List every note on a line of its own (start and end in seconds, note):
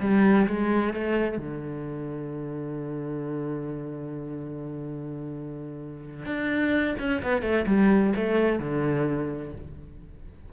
0.00 0.47 G3
0.47 0.93 G#3
0.93 1.37 A3
1.37 6.25 D3
6.25 6.95 D4
6.99 7.22 C#4
7.22 7.42 B3
7.42 7.65 A3
7.66 8.13 G3
8.16 8.59 A3
8.59 9.52 D3